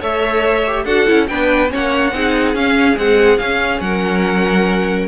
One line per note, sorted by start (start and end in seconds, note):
0.00 0.85 A3
0.00 0.65 A4
0.00 0.85 C#5
0.00 0.85 E5
0.66 0.87 G4
0.85 1.06 D4
0.85 1.07 F#4
0.85 1.27 A4
0.85 1.27 F#5
1.07 1.30 C#4
1.07 1.28 E4
1.27 1.72 B3
1.27 1.69 D4
1.27 1.71 B4
1.27 1.70 G5
1.69 2.12 A#3
1.69 2.11 C#4
1.69 2.14 C#5
1.69 2.55 F#5
2.12 2.54 C4
2.12 2.54 D#4
2.12 3.82 G#4
2.54 2.95 C#4
2.54 2.97 C#4
2.54 2.97 F5
2.95 3.37 G#3
2.95 3.39 C4
2.95 3.38 F#5
3.38 5.08 C#4
3.38 3.80 C#4
3.38 3.80 F5
3.80 5.07 F#3
3.80 5.08 A#4
3.80 5.07 F#5